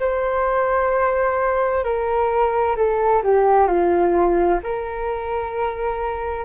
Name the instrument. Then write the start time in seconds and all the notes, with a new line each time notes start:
flute
0.00 C5
1.84 A#4
2.77 A4
3.23 G4
3.68 F4
4.63 A#4